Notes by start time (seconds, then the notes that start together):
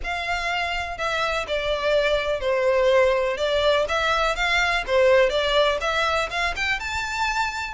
0.03 F5
0.97 E5
1.47 D5
2.40 C5
3.37 D5
3.88 E5
4.35 F5
4.86 C5
5.29 D5
5.80 E5
6.30 F5
6.56 G5
6.79 A5